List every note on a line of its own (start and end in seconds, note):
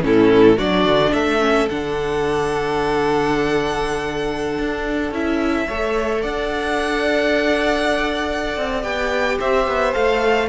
0.00 0.58 A2
0.00 0.55 C#4
0.00 0.57 E4
0.00 0.58 A4
0.57 0.84 F#3
0.57 1.39 D4
0.57 1.12 F#4
0.57 1.13 D5
0.84 1.12 D3
1.12 1.68 A3
1.12 5.66 A4
1.12 1.68 E5
1.39 1.67 C#4
1.69 4.58 D3
1.69 5.13 D4
1.69 5.13 F#5
4.58 5.11 D4
5.11 5.66 C#4
5.11 5.68 E4
5.11 6.22 E5
5.66 6.23 A3
5.66 8.82 A4
5.66 6.21 C#5
6.21 8.56 D4
6.21 9.38 D5
6.21 8.82 F#5
8.56 8.83 C4
8.82 9.38 B3
8.82 9.92 G4
8.82 9.37 G5
9.39 9.67 C4
9.39 10.49 C5
9.39 9.93 E5
9.67 9.94 B3
9.93 10.49 A3
9.93 10.48 A4
9.93 10.49 F5